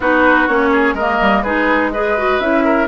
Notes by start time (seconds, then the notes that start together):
0.00 B3 D#4 F#4 B4
0.47 A#3 C#4 C#5
0.71 G#4
0.93 G#3 A#3 A#4 D#5
1.21 G3
1.42 G#3 D#4 G#4 B4
1.91 G#4 B4 D#5
2.17 F#4
2.39 C#4 E4 E5
2.64 A#4